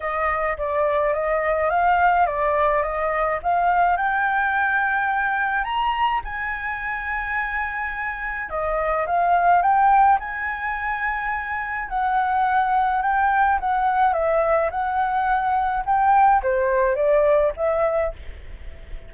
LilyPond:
\new Staff \with { instrumentName = "flute" } { \time 4/4 \tempo 4 = 106 dis''4 d''4 dis''4 f''4 | d''4 dis''4 f''4 g''4~ | g''2 ais''4 gis''4~ | gis''2. dis''4 |
f''4 g''4 gis''2~ | gis''4 fis''2 g''4 | fis''4 e''4 fis''2 | g''4 c''4 d''4 e''4 | }